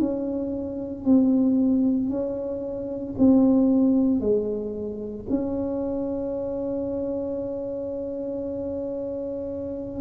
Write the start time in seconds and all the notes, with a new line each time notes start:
0.00 C#4
1.05 C4
2.10 C#4
3.18 C4
4.21 G#3
5.30 C#4